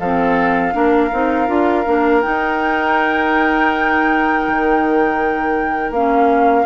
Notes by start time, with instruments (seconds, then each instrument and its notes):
0.00 bassoon F3, clarinet C4, oboe A4, flute F5
0.73 bassoon A#3, clarinet D4, oboe A#4
1.13 bassoon C4, clarinet D#4
1.48 bassoon D4, clarinet F4
1.86 bassoon A#3, clarinet D4
2.22 clarinet D#4, bassoon D#4, flute G5
4.48 bassoon D#3
5.90 bassoon A#3, clarinet C#4, flute F5